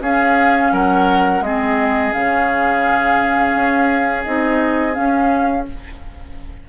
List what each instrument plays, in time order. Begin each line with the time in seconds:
0.00 bassoon C#4, clarinet C#4, oboe G#4, flute F5
0.72 bassoon F#3, oboe A#4, flute F#5
1.41 bassoon G#3, clarinet C4, oboe G#4, flute D#5
2.12 bassoon C#3, clarinet C#4, flute F5
3.54 bassoon C#4
4.23 bassoon C4, clarinet D#4, flute D#5
4.92 clarinet C#4, bassoon C#4, flute F5